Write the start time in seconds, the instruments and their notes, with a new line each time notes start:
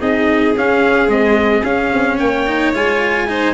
0.00 tuba C4, cello D#4, violin G#4, trumpet D#5
0.56 tuba C#4, cello C#4, trumpet F5
1.08 cello G#3, tuba C4, trumpet D#5
1.63 tuba C#4, cello C#4, trumpet F5
1.93 tuba C4
2.17 tuba A#3, violin C#5, trumpet G5
2.47 cello D#4
2.74 tuba G#3, cello F4, trumpet G#5
3.28 cello D#4, violin C5